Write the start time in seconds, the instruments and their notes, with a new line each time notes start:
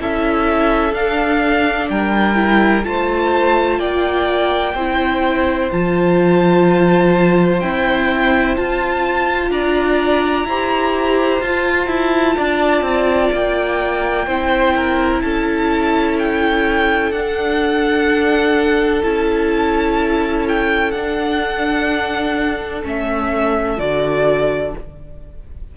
0.00 cello C#4, viola E4, violin A4 E5
0.93 cello D4, viola D4, violin F5
1.90 cello G3, violin A#4 G5
2.35 viola E4
2.83 cello A3, viola F4, violin C5 A5
3.79 cello A#3, violin D5 G5
4.74 cello C4, viola E4, violin C5
5.72 cello F3, viola F4, violin A5
7.60 viola C4, cello E4, violin G5
8.56 viola F4, cello F4, violin A5
9.50 cello D4, violin D5 A#5
10.45 cello E4, viola G4, violin C5
11.41 cello F4, viola F4, violin A5
11.87 cello E4
12.37 cello D4, violin D5
12.82 cello C4
13.33 cello A#3, violin G5
14.27 cello C4, viola E4, violin C5
14.76 violin A#4
15.21 cello C#4, violin A4 A5
16.19 violin G5
17.12 cello D4, viola D4, violin F#5
19.03 cello C#4, viola E4, violin A5
20.48 violin G5
20.92 cello D4, viola D4, violin F#5
22.83 cello A3, viola C#4, violin E5
23.77 cello D3, viola F#4, violin D5